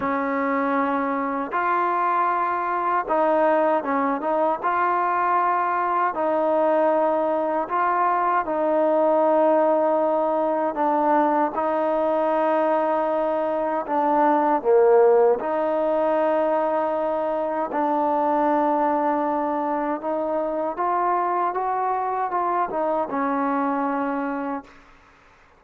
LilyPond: \new Staff \with { instrumentName = "trombone" } { \time 4/4 \tempo 4 = 78 cis'2 f'2 | dis'4 cis'8 dis'8 f'2 | dis'2 f'4 dis'4~ | dis'2 d'4 dis'4~ |
dis'2 d'4 ais4 | dis'2. d'4~ | d'2 dis'4 f'4 | fis'4 f'8 dis'8 cis'2 | }